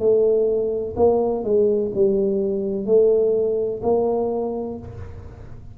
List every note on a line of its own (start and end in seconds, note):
0.00 0.95 A3
0.97 1.44 A#3
1.44 1.92 G#3
1.95 2.87 G3
2.87 3.82 A3
3.83 4.78 A#3